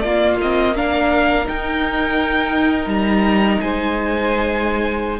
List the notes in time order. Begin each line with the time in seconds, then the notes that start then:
0.00 A#3 F4 D5
0.41 C4 D#5
0.76 D4 A#4 F5
1.45 D#4 G5
2.87 G3 A#5
3.61 G#3 C5 G#5